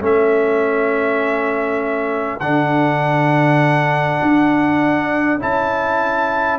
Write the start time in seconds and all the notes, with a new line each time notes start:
0.00 A3 C#4 A4 E5
2.40 D3 D4 F#5
4.23 D4
5.40 C#4 E4 A5